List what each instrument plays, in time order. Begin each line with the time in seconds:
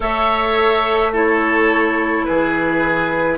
0.00 bassoon A3, clarinet A4, oboe C#5, flute E5
1.12 clarinet E4, oboe A4, flute C#5
2.25 bassoon E3, oboe G#4, flute B4